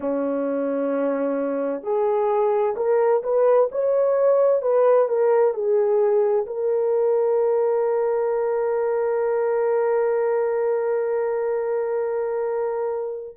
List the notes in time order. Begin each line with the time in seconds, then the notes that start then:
0.00 C#4
1.83 G#4
2.76 A#4
3.23 B4
3.71 C#5
4.62 B4
5.08 A#4
5.53 G#4
6.46 A#4